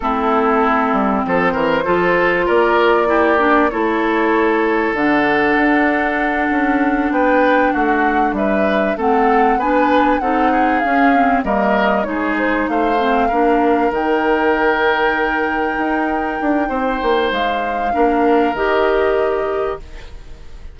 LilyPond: <<
  \new Staff \with { instrumentName = "flute" } { \time 4/4 \tempo 4 = 97 a'2 c''2 | d''2 cis''2 | fis''2.~ fis''8 g''8~ | g''8 fis''4 e''4 fis''4 gis''8~ |
gis''8 fis''4 f''4 dis''4 cis''8 | c''8 f''2 g''4.~ | g''1 | f''2 dis''2 | }
  \new Staff \with { instrumentName = "oboe" } { \time 4/4 e'2 a'8 ais'8 a'4 | ais'4 g'4 a'2~ | a'2.~ a'8 b'8~ | b'8 fis'4 b'4 a'4 b'8~ |
b'8 a'8 gis'4. ais'4 gis'8~ | gis'8 c''4 ais'2~ ais'8~ | ais'2. c''4~ | c''4 ais'2. | }
  \new Staff \with { instrumentName = "clarinet" } { \time 4/4 c'2. f'4~ | f'4 e'8 d'8 e'2 | d'1~ | d'2~ d'8 c'4 d'8~ |
d'8 dis'4 cis'8 c'8 ais4 dis'8~ | dis'4 c'8 d'4 dis'4.~ | dis'1~ | dis'4 d'4 g'2 | }
  \new Staff \with { instrumentName = "bassoon" } { \time 4/4 a4. g8 f8 e8 f4 | ais2 a2 | d4 d'4. cis'4 b8~ | b8 a4 g4 a4 b8~ |
b8 c'4 cis'4 g4 gis8~ | gis8 a4 ais4 dis4.~ | dis4. dis'4 d'8 c'8 ais8 | gis4 ais4 dis2 | }
>>